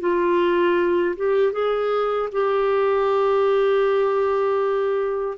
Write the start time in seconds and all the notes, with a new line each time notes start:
0.00 F4
1.16 G4
1.52 G#4
2.32 G4